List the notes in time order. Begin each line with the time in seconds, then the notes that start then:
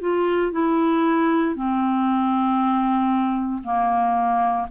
0.00 F4
0.51 E4
1.55 C4
3.63 A#3